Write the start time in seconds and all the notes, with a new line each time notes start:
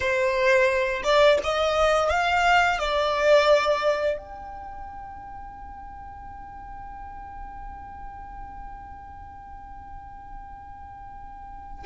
0.00 C5
1.03 D5
1.43 D#5
2.09 F5
2.78 D5
4.17 G5